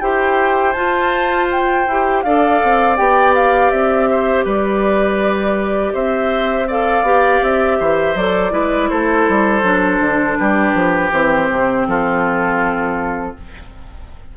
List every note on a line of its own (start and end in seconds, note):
0.00 0.75 E4
0.00 0.74 G4
0.00 2.24 C5
0.00 0.72 G5
0.72 1.86 F4
0.72 1.46 A5
1.51 2.22 G5
1.87 2.24 E4
1.87 2.25 G4
2.22 2.61 D4
2.22 2.97 A4
2.22 4.09 D5
2.22 2.96 F5
2.63 2.98 C4
2.96 3.71 B3
2.96 6.67 G4
2.96 3.33 G5
3.34 3.70 F5
3.70 4.45 C4
3.70 4.44 E5
4.10 4.45 C5
4.45 5.93 G3
4.45 5.93 B4
4.45 5.94 D5
5.93 7.02 C4
5.93 6.67 C5
5.93 6.68 E5
6.67 7.04 A4
6.67 7.78 D5
6.67 7.44 F5
7.02 7.39 B3
7.02 8.15 G4
7.42 7.79 C4
7.42 8.17 E5
7.79 8.15 E3
7.79 8.52 C5
8.15 8.52 F#3
8.15 8.50 A4
8.15 8.89 D5
8.50 8.89 G#3
8.50 9.62 E4
8.50 8.89 B4
8.89 9.29 A3
8.89 10.38 A4
8.89 10.36 C5
9.29 9.62 G3
9.62 9.99 F#3
9.62 11.10 D4
9.99 10.36 D3
10.36 10.74 G3
10.36 11.87 G4
10.36 11.10 B4
10.74 11.11 F3
11.11 11.48 E3
11.11 13.34 C4
11.11 11.87 C5
11.50 11.87 C3
11.87 13.35 F3
11.87 13.36 F4
11.87 13.36 A4